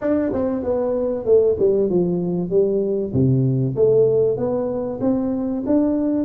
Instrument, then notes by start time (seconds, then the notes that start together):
tuba
0.01 D4
0.33 C4
0.63 B3
1.25 A3
1.59 G3
1.89 F3
2.49 G3
3.13 C3
3.76 A3
4.37 B3
5.01 C4
5.66 D4